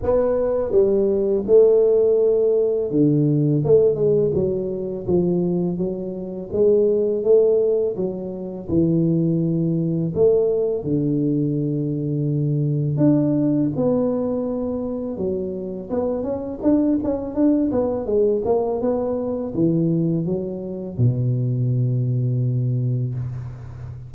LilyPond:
\new Staff \with { instrumentName = "tuba" } { \time 4/4 \tempo 4 = 83 b4 g4 a2 | d4 a8 gis8 fis4 f4 | fis4 gis4 a4 fis4 | e2 a4 d4~ |
d2 d'4 b4~ | b4 fis4 b8 cis'8 d'8 cis'8 | d'8 b8 gis8 ais8 b4 e4 | fis4 b,2. | }